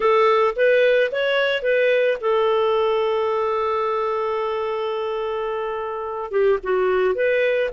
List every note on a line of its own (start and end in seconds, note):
0.00 0.54 A4
0.56 1.11 B4
1.11 1.62 C#5
1.62 2.17 B4
2.20 6.31 A4
6.31 6.58 G4
6.63 7.14 F#4
7.14 7.69 B4